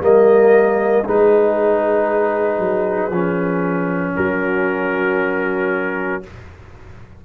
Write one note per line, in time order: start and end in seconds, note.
0.00 1.03 G3
0.00 1.04 A#3
0.00 1.05 A#4
0.00 1.08 D#5
1.04 2.58 G#3
1.04 3.11 D#4
1.04 4.15 G#4
1.04 4.16 B4
2.58 3.10 F#3
3.10 4.13 F3
3.10 6.23 C#4
4.15 6.25 F#3
4.15 6.22 F#4
4.15 6.23 A#4